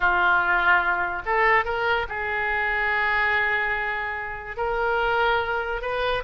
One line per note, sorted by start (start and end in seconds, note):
0.00 1.22 F4
1.25 1.64 A4
1.64 2.06 A#4
2.09 4.57 G#4
4.57 5.81 A#4
5.81 6.23 B4